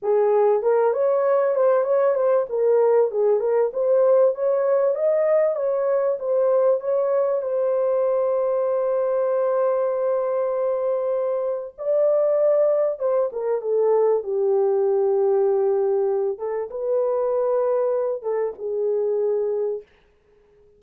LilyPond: \new Staff \with { instrumentName = "horn" } { \time 4/4 \tempo 4 = 97 gis'4 ais'8 cis''4 c''8 cis''8 c''8 | ais'4 gis'8 ais'8 c''4 cis''4 | dis''4 cis''4 c''4 cis''4 | c''1~ |
c''2. d''4~ | d''4 c''8 ais'8 a'4 g'4~ | g'2~ g'8 a'8 b'4~ | b'4. a'8 gis'2 | }